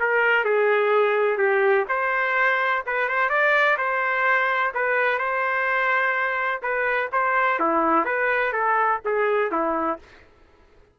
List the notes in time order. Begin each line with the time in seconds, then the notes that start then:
0.00 A#4
0.44 G#4
1.38 G4
1.89 C5
2.86 B4
3.09 C5
3.29 D5
3.78 C5
4.74 B4
5.19 C5
6.62 B4
7.12 C5
7.59 E4
8.05 B4
8.53 A4
9.05 G#4
9.51 E4